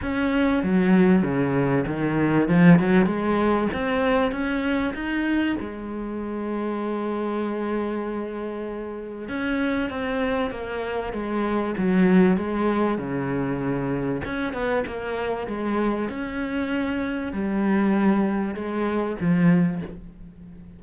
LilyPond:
\new Staff \with { instrumentName = "cello" } { \time 4/4 \tempo 4 = 97 cis'4 fis4 cis4 dis4 | f8 fis8 gis4 c'4 cis'4 | dis'4 gis2.~ | gis2. cis'4 |
c'4 ais4 gis4 fis4 | gis4 cis2 cis'8 b8 | ais4 gis4 cis'2 | g2 gis4 f4 | }